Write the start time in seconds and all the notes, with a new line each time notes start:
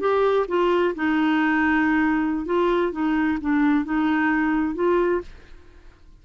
0.00 G4
0.48 F4
0.95 D#4
2.46 F4
2.92 D#4
3.41 D4
3.85 D#4
4.75 F4